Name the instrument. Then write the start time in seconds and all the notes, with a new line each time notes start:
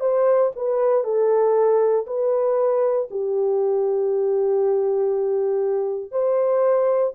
horn
0.00 C5
0.55 B4
1.04 A4
2.06 B4
3.10 G4
6.11 C5